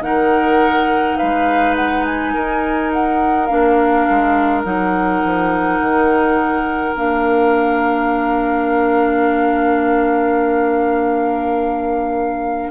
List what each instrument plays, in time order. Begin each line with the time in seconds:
0.00 bassoon D#3, clarinet D#4, oboe A#4, flute F#5
1.17 bassoon G#3, oboe B4, flute F5
1.75 flute F#5
2.05 flute G#5
2.33 bassoon D#4, oboe A#4
2.93 flute F#5
3.46 bassoon A#3, clarinet D4, flute F5
4.09 bassoon G#3
4.64 bassoon F#3, clarinet D#4, flute F#5
5.24 bassoon F3
5.80 bassoon D#3
6.93 bassoon A#3, clarinet D4, flute F5